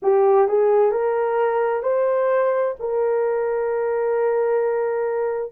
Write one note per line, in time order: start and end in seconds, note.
0.02 0.48 G4
0.48 0.91 G#4
0.91 1.82 A#4
1.82 2.74 C5
2.79 5.52 A#4